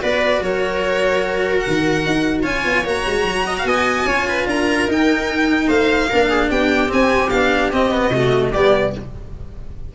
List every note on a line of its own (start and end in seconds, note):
0.00 0.41 B3
0.00 2.43 F#4
0.00 0.42 B4
0.00 0.43 D5
0.41 1.63 F#3
0.41 2.42 A#4
0.41 1.59 C#5
1.59 2.40 F#5
1.67 2.06 D#3
2.06 2.44 D#4
2.42 2.64 C#4
2.42 2.84 F4
2.42 3.44 C#5
2.42 2.85 G#5
2.64 2.84 B3
2.84 3.05 A#3
2.84 4.06 F#4
2.84 3.66 A#5
3.06 3.24 G#3
3.24 3.64 F#3
3.46 3.56 D#5
3.58 4.04 B3
3.58 3.68 F5
3.66 4.07 D#5
3.66 4.47 G#5
4.04 4.45 C#4
4.04 4.88 F4
4.04 4.27 C#5
4.29 4.48 B4
4.46 4.87 D4
4.46 5.67 A#4
4.46 4.89 A#5
4.88 5.68 D#4
4.88 6.10 D#4
4.88 5.69 G5
5.67 6.09 A3
5.67 6.08 C5
5.67 6.50 F5
6.09 6.50 A#3
6.09 6.88 D4
6.09 6.28 A#4
6.28 6.49 G#4
6.50 6.90 B3
6.50 8.10 G4
6.50 6.91 G5
6.88 7.28 C4
6.88 7.32 C4
6.88 7.29 G#5
7.29 7.72 B3
7.29 7.73 D4
7.29 7.70 F5
7.72 8.10 C4
7.72 7.91 C4
7.72 8.53 D#5
7.91 8.11 B3
8.10 8.51 C3
8.10 8.54 A3
8.10 8.51 F#4
8.52 8.94 G3
8.52 8.95 B3
8.52 8.92 G4
8.52 8.93 D5